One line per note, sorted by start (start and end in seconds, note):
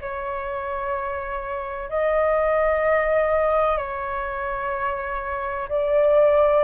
0.00 1.89 C#5
1.89 3.77 D#5
3.77 5.68 C#5
5.68 6.64 D5